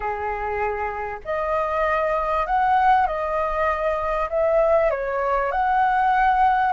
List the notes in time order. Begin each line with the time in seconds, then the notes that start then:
0.00 G#4
1.24 D#5
2.46 F#5
3.06 D#5
4.29 E5
4.90 C#5
5.51 F#5